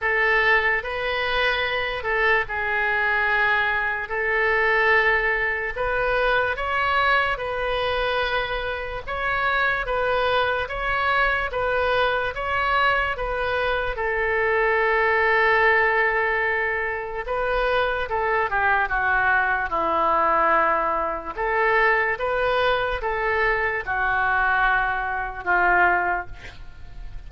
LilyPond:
\new Staff \with { instrumentName = "oboe" } { \time 4/4 \tempo 4 = 73 a'4 b'4. a'8 gis'4~ | gis'4 a'2 b'4 | cis''4 b'2 cis''4 | b'4 cis''4 b'4 cis''4 |
b'4 a'2.~ | a'4 b'4 a'8 g'8 fis'4 | e'2 a'4 b'4 | a'4 fis'2 f'4 | }